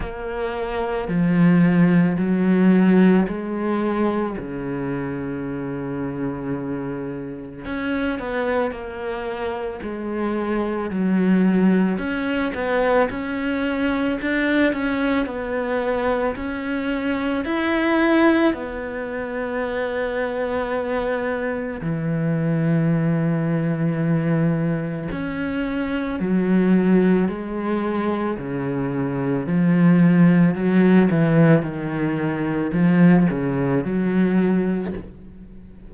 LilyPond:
\new Staff \with { instrumentName = "cello" } { \time 4/4 \tempo 4 = 55 ais4 f4 fis4 gis4 | cis2. cis'8 b8 | ais4 gis4 fis4 cis'8 b8 | cis'4 d'8 cis'8 b4 cis'4 |
e'4 b2. | e2. cis'4 | fis4 gis4 cis4 f4 | fis8 e8 dis4 f8 cis8 fis4 | }